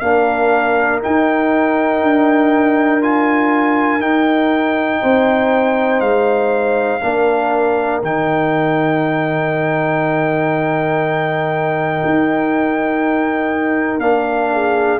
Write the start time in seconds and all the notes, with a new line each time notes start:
0.00 A#3 D4 A#4 F5
1.02 D#4 G5
2.02 D4
3.01 F4 G#5
4.00 D#4 G5
5.01 C4 C5
6.00 G#3 F5
7.02 A#3 D4 A#4
8.02 D#3 D#4 G5
12.05 D#4
13.99 A#3 D4 F5
14.52 G#4